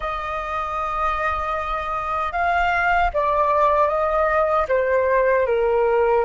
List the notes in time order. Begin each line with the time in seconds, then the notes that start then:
0.00 D#5
2.32 F5
3.13 D5
3.87 D#5
4.68 C5
5.46 A#4